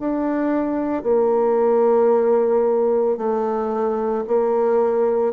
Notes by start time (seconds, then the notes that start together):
0.00 D4
1.03 A#3
3.17 A3
4.27 A#3